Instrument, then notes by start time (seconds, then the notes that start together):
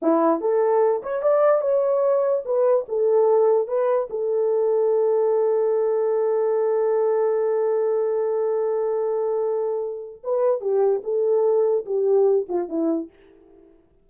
horn
0.01 E4
0.40 A4
1.02 C#5
1.22 D5
1.61 C#5
2.45 B4
2.88 A4
3.67 B4
4.10 A4
10.23 B4
10.60 G4
11.03 A4
11.85 G4
12.48 F4
12.68 E4